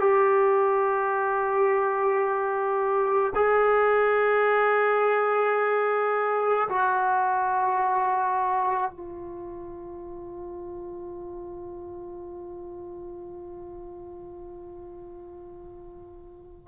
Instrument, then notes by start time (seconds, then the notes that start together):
trombone
0.00 G4
3.35 G#4
6.69 F#4
8.91 F4